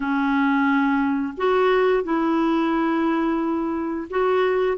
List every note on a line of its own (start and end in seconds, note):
0.00 1.33 C#4
1.37 2.03 F#4
2.03 4.08 E4
4.09 4.78 F#4